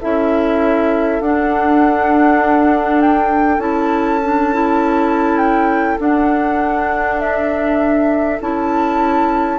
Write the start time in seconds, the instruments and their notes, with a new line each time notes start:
0.00 bassoon C#4, clarinet E4, oboe A4, flute E5
1.21 bassoon D4, clarinet D4, flute F#5
3.02 flute G5
3.58 bassoon C#4, clarinet E4, flute A5
4.24 clarinet D4
4.54 clarinet E4
5.38 flute G5
5.99 clarinet D4, bassoon D4, flute F#5
7.20 flute E5
8.41 bassoon C#4, clarinet E4, flute A5